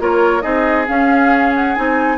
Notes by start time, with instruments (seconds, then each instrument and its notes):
0.00 bassoon A#3, clarinet F4, oboe A#4, flute C#5
0.42 bassoon C4, clarinet D#4, oboe G#4, flute D#5
0.88 clarinet C#4, bassoon C#4, flute F5
1.55 flute F#5
1.75 bassoon C4, clarinet D#4, flute G#5